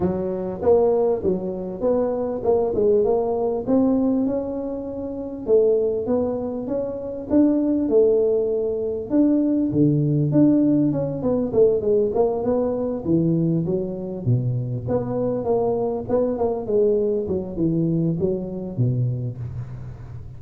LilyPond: \new Staff \with { instrumentName = "tuba" } { \time 4/4 \tempo 4 = 99 fis4 ais4 fis4 b4 | ais8 gis8 ais4 c'4 cis'4~ | cis'4 a4 b4 cis'4 | d'4 a2 d'4 |
d4 d'4 cis'8 b8 a8 gis8 | ais8 b4 e4 fis4 b,8~ | b,8 b4 ais4 b8 ais8 gis8~ | gis8 fis8 e4 fis4 b,4 | }